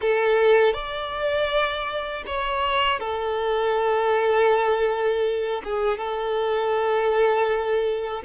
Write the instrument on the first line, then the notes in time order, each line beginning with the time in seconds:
violin
0.01 A4
0.73 D5
2.26 C#5
2.99 A4
5.64 G#4
5.98 A4